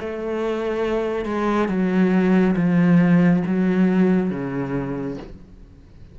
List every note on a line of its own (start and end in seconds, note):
0.00 1.25 A3
1.25 1.68 G#3
1.68 2.55 F#3
2.56 3.43 F3
3.46 4.30 F#3
4.30 5.17 C#3